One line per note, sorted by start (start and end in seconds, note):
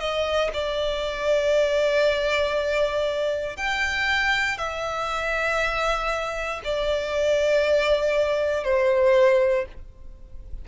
0.00 0.51 D#5
0.54 3.57 D5
3.57 4.58 G5
4.58 6.61 E5
6.65 8.64 D5
8.64 9.66 C5